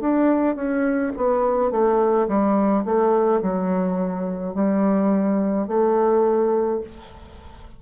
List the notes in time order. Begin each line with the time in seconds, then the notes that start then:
0.00 D4
0.55 C#4
1.16 B3
1.70 A3
2.27 G3
2.85 A3
3.42 F#3
4.54 G3
5.67 A3